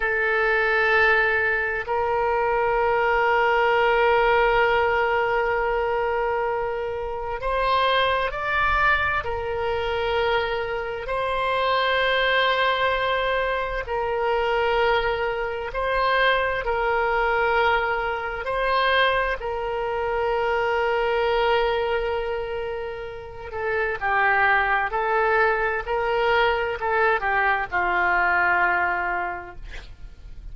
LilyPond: \new Staff \with { instrumentName = "oboe" } { \time 4/4 \tempo 4 = 65 a'2 ais'2~ | ais'1 | c''4 d''4 ais'2 | c''2. ais'4~ |
ais'4 c''4 ais'2 | c''4 ais'2.~ | ais'4. a'8 g'4 a'4 | ais'4 a'8 g'8 f'2 | }